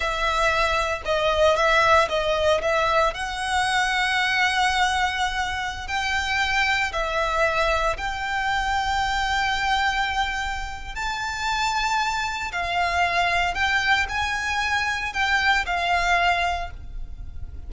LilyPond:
\new Staff \with { instrumentName = "violin" } { \time 4/4 \tempo 4 = 115 e''2 dis''4 e''4 | dis''4 e''4 fis''2~ | fis''2.~ fis''16 g''8.~ | g''4~ g''16 e''2 g''8.~ |
g''1~ | g''4 a''2. | f''2 g''4 gis''4~ | gis''4 g''4 f''2 | }